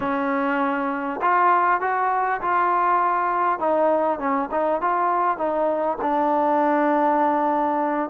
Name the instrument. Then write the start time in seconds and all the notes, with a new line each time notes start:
trombone
0.00 C#4
1.21 F4
1.80 F#4
2.41 F4
3.59 D#4
4.19 C#4
4.51 D#4
4.81 F4
5.37 D#4
6.01 D4